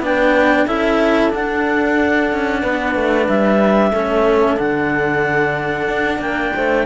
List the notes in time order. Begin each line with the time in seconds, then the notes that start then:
0.00 B3 D4 B4 G5
0.67 C#4 E4 A4 E5
1.31 D4 F#5
2.33 C#4
2.62 B3 B4
2.96 A3
3.28 G3 E5
3.92 A3 C#4 A4
4.57 D3 D4 F#5
5.88 D4
6.19 A#3 A#4 G5
6.55 A3 C5